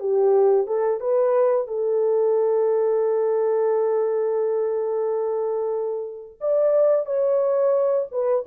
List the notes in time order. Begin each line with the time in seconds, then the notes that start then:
0.00 G4
0.67 A4
1.00 B4
1.67 A4
6.41 D5
7.06 C#5
8.11 B4